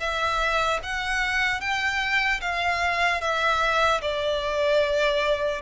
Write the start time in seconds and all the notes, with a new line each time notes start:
0.00 E5
0.83 F#5
1.61 G5
2.41 F5
3.21 E5
4.01 D5